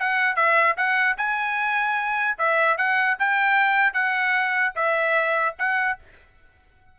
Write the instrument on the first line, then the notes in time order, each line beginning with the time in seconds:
trumpet
0.00 F#5
0.36 E5
0.77 F#5
1.18 G#5
2.39 E5
2.78 F#5
3.19 G5
3.94 F#5
4.76 E5
5.59 F#5